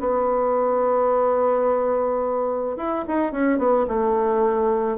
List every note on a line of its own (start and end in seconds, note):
0.00 2.77 B3
2.77 3.05 E4
3.08 3.32 D#4
3.32 3.59 C#4
3.59 3.87 B3
3.88 4.98 A3